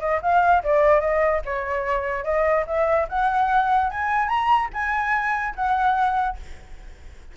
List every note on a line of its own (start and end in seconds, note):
0.00 0.20 D#5
0.22 0.63 F5
0.64 1.01 D5
1.01 1.41 D#5
1.45 2.24 C#5
2.24 2.65 D#5
2.67 3.08 E5
3.09 3.90 F#5
3.90 4.29 G#5
4.29 4.69 A#5
4.73 5.55 G#5
5.55 6.37 F#5